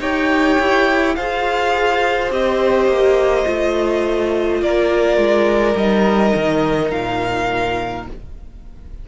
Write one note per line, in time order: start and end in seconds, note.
0.00 0.58 D#4
0.00 1.16 G4
0.00 1.16 C#5
0.00 1.15 G5
0.59 1.17 E4
1.15 2.31 F4
1.15 2.31 G#4
1.15 4.62 C5
1.15 2.31 F5
2.31 2.88 C4
2.31 3.45 G4
2.31 4.62 D#5
2.88 3.45 A#3
3.45 4.62 A3
3.45 5.76 F4
4.62 5.17 A#3
4.62 8.08 A#4
4.62 5.77 D5
5.17 5.75 G#3
5.75 6.33 G3
5.75 8.08 D#4
5.75 6.91 D#5
6.36 6.92 D#3
6.91 8.07 A#2
6.91 8.06 F5